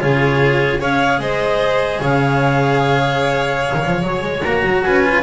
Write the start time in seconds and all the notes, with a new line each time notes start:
0.00 C#3 F4 G#4 C#5
0.79 C#4 G#4 C#5 F5
1.20 G#3 C5 D#5
2.01 C#3 C#5 F5
3.74 D#3
3.86 F3
4.03 F#3 C#5
4.22 G#3
4.44 A#3 F#4 A#5
4.65 F#3
4.84 C#4 B4 G#5
5.04 F4